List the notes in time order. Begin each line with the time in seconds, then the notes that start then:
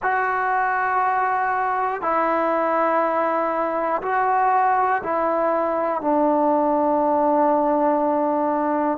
0.02 F#4
2.01 E4
4.02 F#4
5.03 E4
6.00 D4